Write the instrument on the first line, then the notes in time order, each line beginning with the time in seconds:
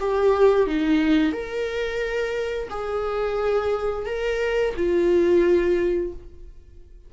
viola
0.00 G4
0.67 D#4
1.32 A#4
2.70 G#4
4.06 A#4
4.76 F4